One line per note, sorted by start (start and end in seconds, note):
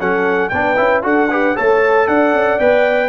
0.00 0.52 F#3
0.00 0.52 C#4
0.00 0.52 A4
0.00 0.49 F#5
0.49 0.79 B3
0.49 0.77 D4
0.49 1.04 B4
0.49 1.01 G5
0.77 1.04 C#4
0.77 1.03 E4
1.03 1.56 D4
1.03 1.29 F#4
1.03 1.30 A4
1.03 1.57 F#5
1.30 1.56 G4
1.30 1.56 B4
1.56 2.08 A3
1.56 2.59 A4
1.56 2.08 C#5
1.56 2.08 A5
2.08 2.34 D4
2.08 3.09 D5
2.08 2.59 F#5
2.34 2.59 C#4
2.59 3.09 B3
2.59 3.09 B4
2.59 3.09 G5